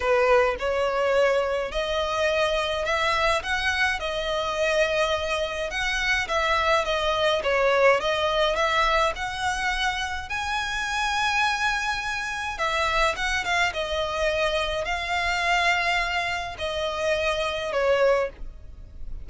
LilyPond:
\new Staff \with { instrumentName = "violin" } { \time 4/4 \tempo 4 = 105 b'4 cis''2 dis''4~ | dis''4 e''4 fis''4 dis''4~ | dis''2 fis''4 e''4 | dis''4 cis''4 dis''4 e''4 |
fis''2 gis''2~ | gis''2 e''4 fis''8 f''8 | dis''2 f''2~ | f''4 dis''2 cis''4 | }